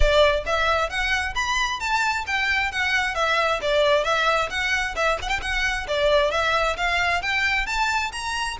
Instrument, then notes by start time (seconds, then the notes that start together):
violin
0.00 D5
0.46 E5
0.89 F#5
1.35 B5
1.79 A5
2.27 G5
2.71 F#5
3.15 E5
3.61 D5
4.04 E5
4.49 F#5
4.95 E5
5.21 F#5
5.28 G5
5.41 F#5
5.87 D5
6.31 E5
6.76 F5
7.22 G5
7.66 A5
8.12 A#5